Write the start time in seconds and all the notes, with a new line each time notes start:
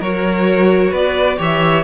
0.00 F#3 F#4 A#4 C#5
0.90 B3 B4 D5
1.37 E3 G4 C#5 E5